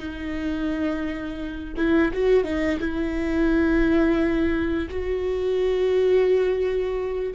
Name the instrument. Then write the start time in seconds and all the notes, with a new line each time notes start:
viola
0.00 D#4
1.77 E4
2.14 F#4
2.45 D#4
2.80 E4
4.90 F#4